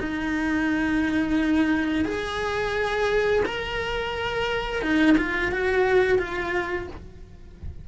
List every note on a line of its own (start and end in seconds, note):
0.00 2.05 D#4
2.05 3.43 G#4
3.46 4.82 A#4
4.82 5.16 D#4
5.17 5.52 F4
5.52 6.18 F#4
6.18 6.87 F4